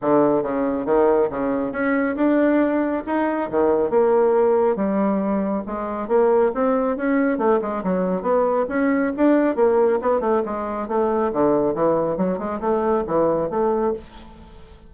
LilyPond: \new Staff \with { instrumentName = "bassoon" } { \time 4/4 \tempo 4 = 138 d4 cis4 dis4 cis4 | cis'4 d'2 dis'4 | dis4 ais2 g4~ | g4 gis4 ais4 c'4 |
cis'4 a8 gis8 fis4 b4 | cis'4 d'4 ais4 b8 a8 | gis4 a4 d4 e4 | fis8 gis8 a4 e4 a4 | }